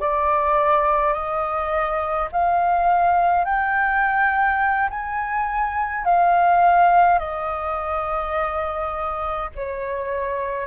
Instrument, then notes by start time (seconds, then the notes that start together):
flute
0.00 D5
1.13 D#5
2.32 F5
3.45 G5
4.90 G#5
6.05 F5
7.19 D#5
9.56 C#5